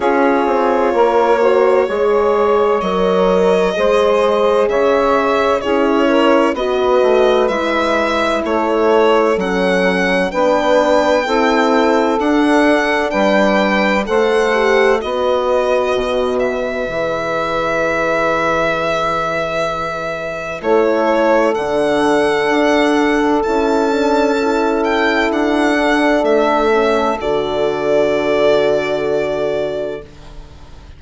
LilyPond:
<<
  \new Staff \with { instrumentName = "violin" } { \time 4/4 \tempo 4 = 64 cis''2. dis''4~ | dis''4 e''4 cis''4 dis''4 | e''4 cis''4 fis''4 g''4~ | g''4 fis''4 g''4 fis''4 |
dis''4. e''2~ e''8~ | e''2 cis''4 fis''4~ | fis''4 a''4. g''8 fis''4 | e''4 d''2. | }
  \new Staff \with { instrumentName = "saxophone" } { \time 4/4 gis'4 ais'8 c''8 cis''2 | c''4 cis''4 gis'8 ais'8 b'4~ | b'4 a'2 b'4 | a'2 b'4 c''4 |
b'1~ | b'2 a'2~ | a'1~ | a'1 | }
  \new Staff \with { instrumentName = "horn" } { \time 4/4 f'4. fis'8 gis'4 ais'4 | gis'2 e'4 fis'4 | e'2 cis'4 d'4 | e'4 d'2 a'8 g'8 |
fis'2 gis'2~ | gis'2 e'4 d'4~ | d'4 e'8 d'8 e'4. d'8~ | d'8 cis'8 fis'2. | }
  \new Staff \with { instrumentName = "bassoon" } { \time 4/4 cis'8 c'8 ais4 gis4 fis4 | gis4 cis4 cis'4 b8 a8 | gis4 a4 fis4 b4 | c'4 d'4 g4 a4 |
b4 b,4 e2~ | e2 a4 d4 | d'4 cis'2 d'4 | a4 d2. | }
>>